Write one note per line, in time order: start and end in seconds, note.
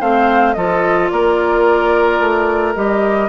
0.00 0.55 A3
0.00 0.55 C4
0.00 0.55 C5
0.00 0.53 F5
0.53 1.10 F3
0.53 2.75 F4
0.53 1.12 A4
0.53 1.08 D#5
1.09 2.20 A#3
1.09 3.29 A#4
1.09 2.74 D5
2.20 2.75 A3
2.75 3.29 G3
2.75 3.29 G4
2.75 3.29 D#5